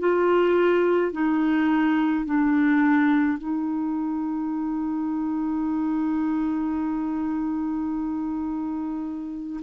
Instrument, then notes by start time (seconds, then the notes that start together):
clarinet
0.00 F4
1.13 D#4
2.26 D4
3.38 D#4